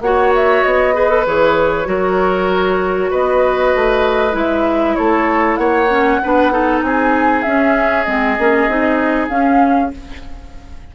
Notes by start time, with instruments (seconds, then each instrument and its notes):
0.00 bassoon A#3, clarinet F#4, oboe C#5, flute F#5
0.35 flute E5
0.63 bassoon B3, flute D#5
0.93 clarinet G#4, oboe B4
1.09 clarinet A4
1.26 bassoon E3, clarinet G#4, flute C#5
1.85 bassoon F#3, clarinet F#4, oboe A#4
3.10 bassoon B3, oboe B4, flute D#5
3.74 bassoon A3
4.32 bassoon G#3, clarinet E4, flute E5
4.95 bassoon A3, oboe A4, flute C#5
5.56 bassoon A#3, oboe C#5, flute F#5
5.89 clarinet C#4
6.22 bassoon B3, clarinet D4, oboe B4
6.51 clarinet D#4, oboe A4
6.82 bassoon C4, oboe G#4, flute G#5
7.42 clarinet C#4, bassoon C#4, flute E5
8.03 bassoon G#3, clarinet C4, flute D#5
8.38 bassoon A#3, clarinet C#4
8.67 bassoon C4, clarinet D#4
9.28 bassoon C#4, clarinet C#4, flute F5